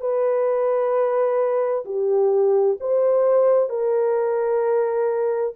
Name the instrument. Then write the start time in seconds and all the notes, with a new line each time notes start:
horn
0.00 B4
1.85 G4
2.80 C5
3.69 A#4